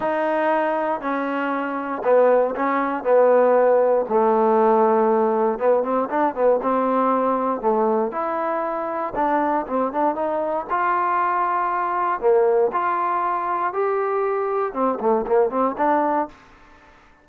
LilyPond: \new Staff \with { instrumentName = "trombone" } { \time 4/4 \tempo 4 = 118 dis'2 cis'2 | b4 cis'4 b2 | a2. b8 c'8 | d'8 b8 c'2 a4 |
e'2 d'4 c'8 d'8 | dis'4 f'2. | ais4 f'2 g'4~ | g'4 c'8 a8 ais8 c'8 d'4 | }